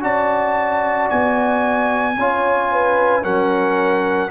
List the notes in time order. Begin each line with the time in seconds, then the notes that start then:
0.00 C#4 F#4 D5 A5
1.10 B3 G#5
2.17 C#4 F4 C#5
2.72 B4
3.22 F#3 C#4 A#4 F#5